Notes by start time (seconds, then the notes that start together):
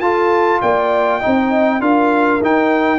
0.00 F4 A4 A5
0.61 A#3 D5 G5
1.20 D#4 D#5
1.26 C4
1.81 D4 F4 A#4 F5
2.41 D#4 G5